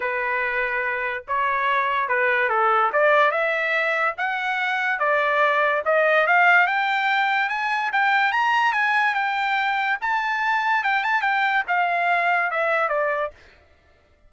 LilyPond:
\new Staff \with { instrumentName = "trumpet" } { \time 4/4 \tempo 4 = 144 b'2. cis''4~ | cis''4 b'4 a'4 d''4 | e''2 fis''2 | d''2 dis''4 f''4 |
g''2 gis''4 g''4 | ais''4 gis''4 g''2 | a''2 g''8 a''8 g''4 | f''2 e''4 d''4 | }